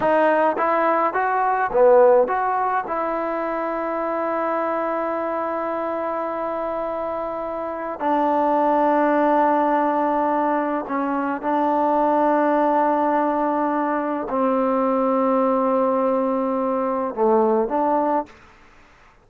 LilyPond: \new Staff \with { instrumentName = "trombone" } { \time 4/4 \tempo 4 = 105 dis'4 e'4 fis'4 b4 | fis'4 e'2.~ | e'1~ | e'2 d'2~ |
d'2. cis'4 | d'1~ | d'4 c'2.~ | c'2 a4 d'4 | }